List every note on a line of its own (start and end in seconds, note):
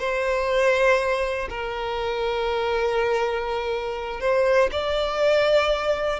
0.00 1.49 C5
1.50 4.21 A#4
4.21 4.70 C5
4.72 6.20 D5